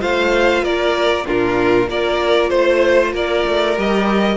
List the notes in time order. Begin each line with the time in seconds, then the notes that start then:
0.00 A3 F4 C5 F5
0.63 A#3 A#4 D5
1.26 A#2 D4 F4 A#4
1.88 A#3 F4 A#4 D5
2.50 A3 C5
3.13 A#3 A#4 D5
3.47 A3
3.76 G3 G4 D#5